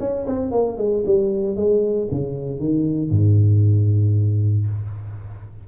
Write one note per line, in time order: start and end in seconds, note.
0.00 0.26 C#4
0.27 0.52 C4
0.52 0.78 A#3
0.78 1.04 G#3
1.06 1.57 G3
1.57 2.09 G#3
2.11 2.60 C#3
2.60 3.10 D#3
3.10 4.67 G#2